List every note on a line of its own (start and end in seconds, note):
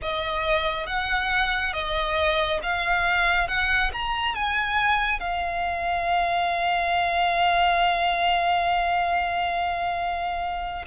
0.02 0.86 D#5
0.86 1.73 F#5
1.73 2.60 D#5
2.62 3.47 F5
3.47 3.91 F#5
3.92 4.34 A#5
4.34 5.20 G#5
5.20 10.85 F5